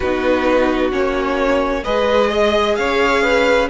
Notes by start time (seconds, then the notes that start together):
0.00 B3 D#4 F#4 B4
0.91 A#3 C#4 C#5
1.83 G#3 G#4 B4 D#5
2.30 D#5
2.75 C#4 C#5 F5
3.22 B4